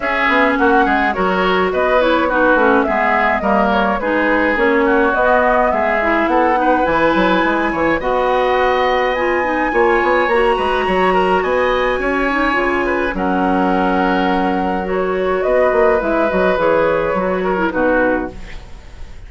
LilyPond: <<
  \new Staff \with { instrumentName = "flute" } { \time 4/4 \tempo 4 = 105 e''4 fis''4 cis''4 dis''8 cis''8 | b'4 e''4 dis''8 cis''8 b'4 | cis''4 dis''4 e''4 fis''4 | gis''2 fis''2 |
gis''2 ais''2 | gis''2. fis''4~ | fis''2 cis''4 dis''4 | e''8 dis''8 cis''2 b'4 | }
  \new Staff \with { instrumentName = "oboe" } { \time 4/4 gis'4 fis'8 gis'8 ais'4 b'4 | fis'4 gis'4 ais'4 gis'4~ | gis'8 fis'4. gis'4 a'8 b'8~ | b'4. cis''8 dis''2~ |
dis''4 cis''4. b'8 cis''8 ais'8 | dis''4 cis''4. b'8 ais'4~ | ais'2. b'4~ | b'2~ b'8 ais'8 fis'4 | }
  \new Staff \with { instrumentName = "clarinet" } { \time 4/4 cis'2 fis'4. e'8 | dis'8 cis'8 b4 ais4 dis'4 | cis'4 b4. e'4 dis'8 | e'2 fis'2 |
f'8 dis'8 f'4 fis'2~ | fis'4. dis'8 f'4 cis'4~ | cis'2 fis'2 | e'8 fis'8 gis'4 fis'8. e'16 dis'4 | }
  \new Staff \with { instrumentName = "bassoon" } { \time 4/4 cis'8 b8 ais8 gis8 fis4 b4~ | b8 a8 gis4 g4 gis4 | ais4 b4 gis4 b4 | e8 fis8 gis8 e8 b2~ |
b4 ais8 b8 ais8 gis8 fis4 | b4 cis'4 cis4 fis4~ | fis2. b8 ais8 | gis8 fis8 e4 fis4 b,4 | }
>>